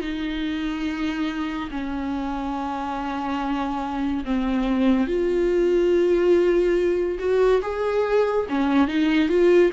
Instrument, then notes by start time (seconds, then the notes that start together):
viola
0.00 D#4
1.71 C#4
4.24 C4
5.07 F4
7.19 F#4
7.62 G#4
8.49 C#4
8.87 D#4
9.28 F4